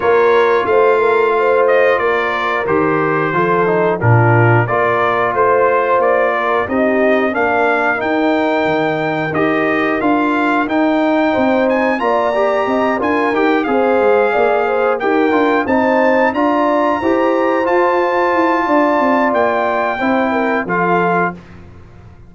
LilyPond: <<
  \new Staff \with { instrumentName = "trumpet" } { \time 4/4 \tempo 4 = 90 cis''4 f''4. dis''8 d''4 | c''2 ais'4 d''4 | c''4 d''4 dis''4 f''4 | g''2 dis''4 f''4 |
g''4. gis''8 ais''4. gis''8 | g''8 f''2 g''4 a''8~ | a''8 ais''2 a''4.~ | a''4 g''2 f''4 | }
  \new Staff \with { instrumentName = "horn" } { \time 4/4 ais'4 c''8 ais'8 c''4 ais'4~ | ais'4 a'4 f'4 ais'4 | c''4. ais'8 g'4 ais'4~ | ais'1~ |
ais'4 c''4 d''4 dis''8 ais'8~ | ais'8 c''4 d''8 c''8 ais'4 c''8~ | c''8 d''4 c''2~ c''8 | d''2 c''8 ais'8 a'4 | }
  \new Staff \with { instrumentName = "trombone" } { \time 4/4 f'1 | g'4 f'8 dis'8 d'4 f'4~ | f'2 dis'4 d'4 | dis'2 g'4 f'4 |
dis'2 f'8 g'4 f'8 | g'8 gis'2 g'8 f'8 dis'8~ | dis'8 f'4 g'4 f'4.~ | f'2 e'4 f'4 | }
  \new Staff \with { instrumentName = "tuba" } { \time 4/4 ais4 a2 ais4 | dis4 f4 ais,4 ais4 | a4 ais4 c'4 ais4 | dis'4 dis4 dis'4 d'4 |
dis'4 c'4 ais4 c'8 d'8 | dis'8 c'8 gis8 ais4 dis'8 d'8 c'8~ | c'8 d'4 e'4 f'4 e'8 | d'8 c'8 ais4 c'4 f4 | }
>>